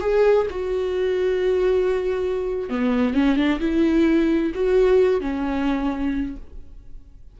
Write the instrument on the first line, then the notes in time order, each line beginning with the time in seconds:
viola
0.00 G#4
0.50 F#4
2.69 B3
3.13 C#4
3.36 D4
3.60 E4
4.54 F#4
5.20 C#4